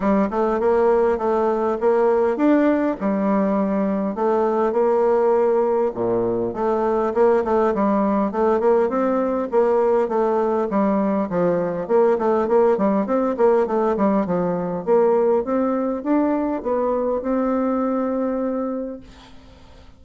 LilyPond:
\new Staff \with { instrumentName = "bassoon" } { \time 4/4 \tempo 4 = 101 g8 a8 ais4 a4 ais4 | d'4 g2 a4 | ais2 ais,4 a4 | ais8 a8 g4 a8 ais8 c'4 |
ais4 a4 g4 f4 | ais8 a8 ais8 g8 c'8 ais8 a8 g8 | f4 ais4 c'4 d'4 | b4 c'2. | }